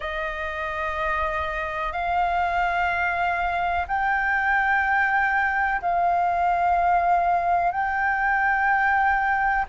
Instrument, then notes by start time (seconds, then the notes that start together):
flute
0.00 D#5
1.92 F5
3.87 G5
5.81 F5
7.72 G5